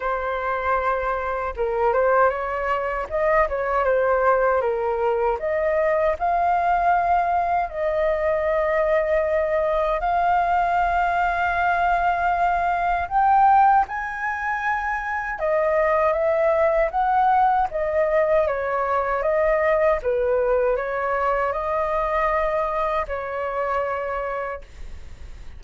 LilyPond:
\new Staff \with { instrumentName = "flute" } { \time 4/4 \tempo 4 = 78 c''2 ais'8 c''8 cis''4 | dis''8 cis''8 c''4 ais'4 dis''4 | f''2 dis''2~ | dis''4 f''2.~ |
f''4 g''4 gis''2 | dis''4 e''4 fis''4 dis''4 | cis''4 dis''4 b'4 cis''4 | dis''2 cis''2 | }